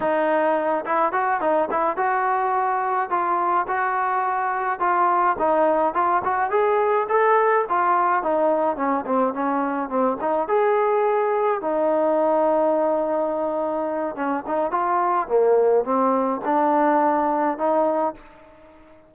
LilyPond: \new Staff \with { instrumentName = "trombone" } { \time 4/4 \tempo 4 = 106 dis'4. e'8 fis'8 dis'8 e'8 fis'8~ | fis'4. f'4 fis'4.~ | fis'8 f'4 dis'4 f'8 fis'8 gis'8~ | gis'8 a'4 f'4 dis'4 cis'8 |
c'8 cis'4 c'8 dis'8 gis'4.~ | gis'8 dis'2.~ dis'8~ | dis'4 cis'8 dis'8 f'4 ais4 | c'4 d'2 dis'4 | }